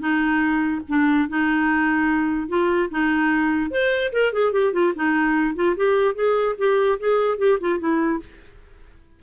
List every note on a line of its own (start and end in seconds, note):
0.00 0.82 D#4
0.88 1.29 D4
1.29 2.49 D#4
2.49 2.90 F4
2.91 3.71 D#4
3.71 4.12 C5
4.13 4.33 A#4
4.33 4.53 G#4
4.53 4.73 G4
4.73 4.93 F4
4.96 5.55 D#4
5.55 5.76 F4
5.76 6.15 G4
6.15 6.56 G#4
6.58 6.99 G4
7.00 7.38 G#4
7.38 7.59 G4
7.60 7.80 F4
7.80 8.20 E4